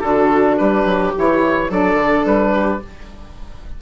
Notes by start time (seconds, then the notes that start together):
0.00 D3 D4 F#4 A4
0.58 G3 G4 B4
0.85 F#3
1.16 E3 E4 C#5
1.70 F#3 D4 A4 D5
1.95 D3
2.26 G3 B4
2.53 G4